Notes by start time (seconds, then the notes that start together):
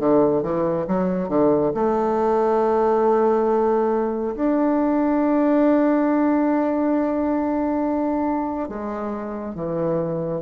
0.00 D3
0.43 E3
0.87 F#3
1.29 D3
1.75 A3
4.36 D4
8.69 G#3
9.55 E3